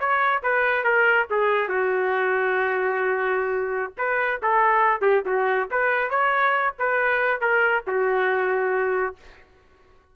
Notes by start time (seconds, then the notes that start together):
0.00 C#5
0.43 B4
0.84 A#4
1.31 G#4
1.69 F#4
3.98 B4
4.43 A4
5.02 G4
5.26 F#4
5.71 B4
6.10 C#5
6.79 B4
7.41 A#4
7.87 F#4